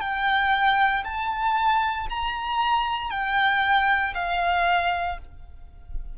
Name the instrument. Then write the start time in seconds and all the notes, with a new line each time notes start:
violin
0.00 G5
1.04 A5
2.09 A#5
3.10 G5
4.14 F5